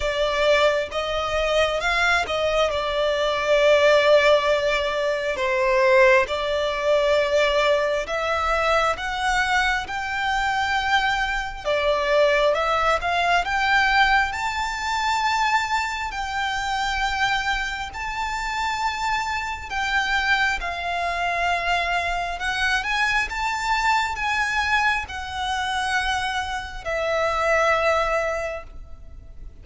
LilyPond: \new Staff \with { instrumentName = "violin" } { \time 4/4 \tempo 4 = 67 d''4 dis''4 f''8 dis''8 d''4~ | d''2 c''4 d''4~ | d''4 e''4 fis''4 g''4~ | g''4 d''4 e''8 f''8 g''4 |
a''2 g''2 | a''2 g''4 f''4~ | f''4 fis''8 gis''8 a''4 gis''4 | fis''2 e''2 | }